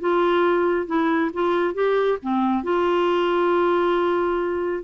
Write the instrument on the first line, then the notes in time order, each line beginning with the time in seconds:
clarinet
0.00 F4
0.86 E4
1.33 F4
1.74 G4
2.22 C4
2.63 F4